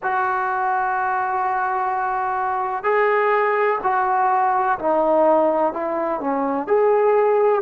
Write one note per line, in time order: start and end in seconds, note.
0.03 2.83 F#4
2.83 3.78 G#4
3.83 4.78 F#4
4.79 5.73 D#4
5.73 6.20 E4
6.20 6.67 C#4
6.67 7.62 G#4